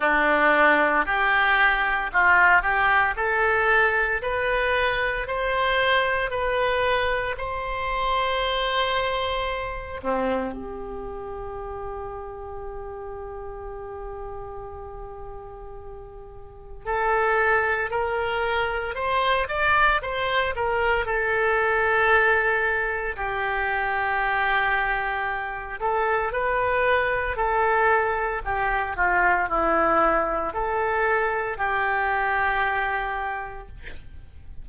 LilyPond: \new Staff \with { instrumentName = "oboe" } { \time 4/4 \tempo 4 = 57 d'4 g'4 f'8 g'8 a'4 | b'4 c''4 b'4 c''4~ | c''4. c'8 g'2~ | g'1 |
a'4 ais'4 c''8 d''8 c''8 ais'8 | a'2 g'2~ | g'8 a'8 b'4 a'4 g'8 f'8 | e'4 a'4 g'2 | }